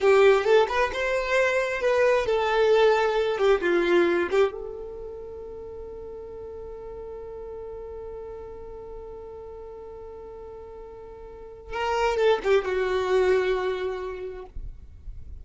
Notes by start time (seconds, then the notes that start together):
0.01 G4
0.44 A4
0.68 B4
0.93 C5
1.81 B4
2.26 A4
3.38 G4
3.61 F4
4.31 G4
4.51 A4
11.73 A#4
12.16 A4
12.43 G4
12.64 F#4